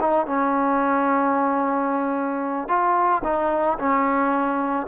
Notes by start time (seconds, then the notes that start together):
0.00 D#4
0.26 C#4
2.68 F4
3.24 D#4
3.78 C#4